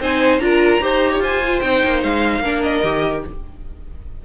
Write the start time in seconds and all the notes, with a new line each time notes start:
0.00 C4 D#4 C5 G#5
0.39 D4 F4 A#4 A#5
0.81 D#4 G4 C5
1.12 C#5
1.20 F4 C5 G#5
1.45 F4
1.60 C4 D#4 G5
1.84 A#3
2.03 G#3 F5
2.39 A#3 D4 A#4
2.62 D#5
2.83 D#3 G4